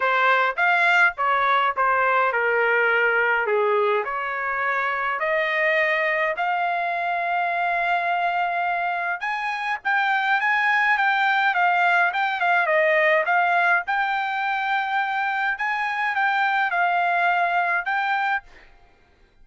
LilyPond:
\new Staff \with { instrumentName = "trumpet" } { \time 4/4 \tempo 4 = 104 c''4 f''4 cis''4 c''4 | ais'2 gis'4 cis''4~ | cis''4 dis''2 f''4~ | f''1 |
gis''4 g''4 gis''4 g''4 | f''4 g''8 f''8 dis''4 f''4 | g''2. gis''4 | g''4 f''2 g''4 | }